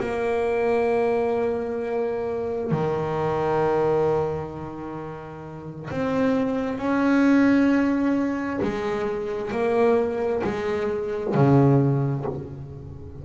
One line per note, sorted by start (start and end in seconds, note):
0.00 2.71 A#3
2.71 5.90 D#3
5.90 6.78 C4
6.78 8.60 C#4
8.62 9.51 G#3
9.51 10.42 A#3
10.44 11.34 G#3
11.34 12.25 C#3